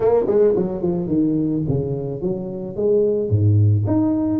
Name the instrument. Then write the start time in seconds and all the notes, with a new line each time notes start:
tuba
0.00 A#3
0.26 G#3
0.56 F#3
0.82 F3
1.07 D#3
1.68 C#3
2.21 F#3
2.76 G#3
3.29 G#2
3.86 D#4